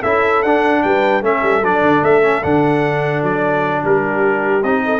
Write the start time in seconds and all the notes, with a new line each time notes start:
0.00 C#4 E4 A4 E5
0.42 D4 F#5
0.82 G3 B4 G5
1.22 A3 C#4 A4 E5
1.42 G3
1.62 F#3 D4 D5
1.82 D3
2.02 A3 E5
2.22 C#4
2.43 D3 D4 F#5
3.23 F#3 D5
3.83 G3 G4 A#4
4.63 C4 D#4 D#5
4.85 A4